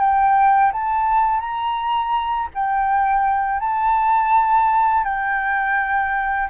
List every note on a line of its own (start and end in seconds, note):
0.00 0.72 G5
0.73 1.40 A5
1.40 2.49 A#5
2.55 3.60 G5
3.60 5.04 A5
5.04 6.49 G5